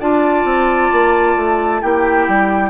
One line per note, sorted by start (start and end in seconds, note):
0.00 0.44 D4
0.00 1.81 F4
0.00 1.81 D5
0.00 1.82 A5
0.44 0.90 C4
0.92 1.36 A#3
1.36 1.81 A3
1.81 2.28 A#3
1.81 2.70 E4
1.81 2.70 G4
1.81 2.70 G5
2.28 2.70 G3